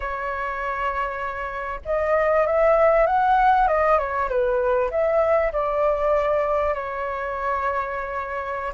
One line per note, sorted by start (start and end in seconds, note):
0.00 1.80 C#5
1.85 2.46 D#5
2.46 3.06 E5
3.06 3.67 F#5
3.67 3.98 D#5
3.98 4.29 C#5
4.29 4.90 B4
4.90 5.52 E5
5.52 6.73 D5
6.73 8.72 C#5